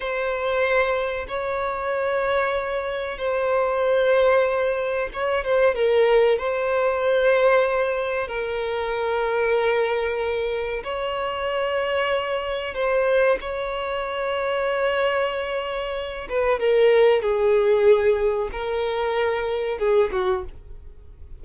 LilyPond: \new Staff \with { instrumentName = "violin" } { \time 4/4 \tempo 4 = 94 c''2 cis''2~ | cis''4 c''2. | cis''8 c''8 ais'4 c''2~ | c''4 ais'2.~ |
ais'4 cis''2. | c''4 cis''2.~ | cis''4. b'8 ais'4 gis'4~ | gis'4 ais'2 gis'8 fis'8 | }